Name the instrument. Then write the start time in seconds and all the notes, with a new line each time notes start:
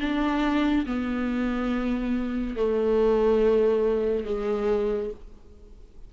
viola
0.00 D4
0.86 B3
2.56 A3
4.25 G#3